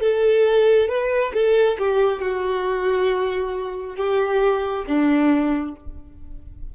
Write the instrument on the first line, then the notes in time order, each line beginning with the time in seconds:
violin
0.00 A4
0.88 B4
1.33 A4
1.78 G4
2.21 F#4
3.95 G4
4.86 D4